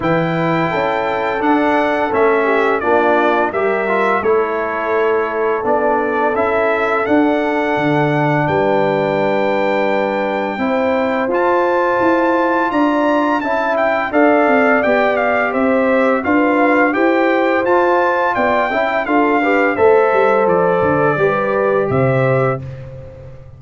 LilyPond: <<
  \new Staff \with { instrumentName = "trumpet" } { \time 4/4 \tempo 4 = 85 g''2 fis''4 e''4 | d''4 e''4 cis''2 | d''4 e''4 fis''2 | g''1 |
a''2 ais''4 a''8 g''8 | f''4 g''8 f''8 e''4 f''4 | g''4 a''4 g''4 f''4 | e''4 d''2 e''4 | }
  \new Staff \with { instrumentName = "horn" } { \time 4/4 b'4 a'2~ a'8 g'8 | f'4 ais'4 a'2~ | a'1 | b'2. c''4~ |
c''2 d''4 e''4 | d''2 c''4 b'4 | c''2 d''8 e''8 a'8 b'8 | c''2 b'4 c''4 | }
  \new Staff \with { instrumentName = "trombone" } { \time 4/4 e'2 d'4 cis'4 | d'4 g'8 f'8 e'2 | d'4 e'4 d'2~ | d'2. e'4 |
f'2. e'4 | a'4 g'2 f'4 | g'4 f'4. e'8 f'8 g'8 | a'2 g'2 | }
  \new Staff \with { instrumentName = "tuba" } { \time 4/4 e4 cis'4 d'4 a4 | ais4 g4 a2 | b4 cis'4 d'4 d4 | g2. c'4 |
f'4 e'4 d'4 cis'4 | d'8 c'8 b4 c'4 d'4 | e'4 f'4 b8 cis'8 d'4 | a8 g8 f8 d8 g4 c4 | }
>>